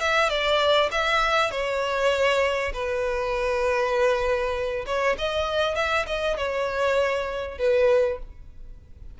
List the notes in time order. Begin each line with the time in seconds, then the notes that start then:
0.00 E5
0.29 D5
0.91 E5
1.51 C#5
2.73 B4
4.86 C#5
5.18 D#5
5.75 E5
6.06 D#5
6.37 C#5
7.58 B4